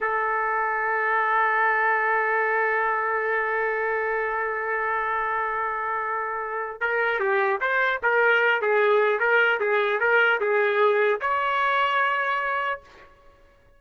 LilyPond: \new Staff \with { instrumentName = "trumpet" } { \time 4/4 \tempo 4 = 150 a'1~ | a'1~ | a'1~ | a'1~ |
a'4 ais'4 g'4 c''4 | ais'4. gis'4. ais'4 | gis'4 ais'4 gis'2 | cis''1 | }